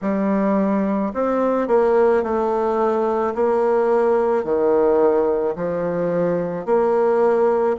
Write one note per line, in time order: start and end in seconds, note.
0.02 1.13 G3
1.13 1.67 C4
1.67 2.23 A#3
2.23 3.34 A3
3.34 4.44 A#3
4.44 5.55 D#3
5.55 6.65 F3
6.65 7.76 A#3